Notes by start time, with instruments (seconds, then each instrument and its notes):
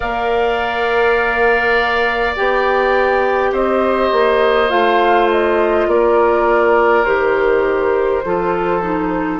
0.00 bassoon A#3, clarinet A#4, oboe D5, flute F5
2.36 bassoon B3, clarinet G4, flute G5
3.51 bassoon C4, oboe C5, flute D#5
4.12 bassoon A#3
4.68 bassoon A3, clarinet F4, flute F5
5.30 flute D#5
5.87 bassoon A#3, oboe A#4, flute D5
7.04 bassoon D#3, clarinet G4, flute C5
8.24 bassoon F3, clarinet F4, oboe A4
8.81 clarinet D#4